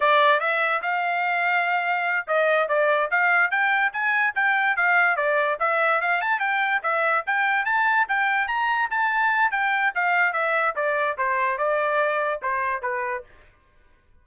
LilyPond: \new Staff \with { instrumentName = "trumpet" } { \time 4/4 \tempo 4 = 145 d''4 e''4 f''2~ | f''4. dis''4 d''4 f''8~ | f''8 g''4 gis''4 g''4 f''8~ | f''8 d''4 e''4 f''8 a''8 g''8~ |
g''8 e''4 g''4 a''4 g''8~ | g''8 ais''4 a''4. g''4 | f''4 e''4 d''4 c''4 | d''2 c''4 b'4 | }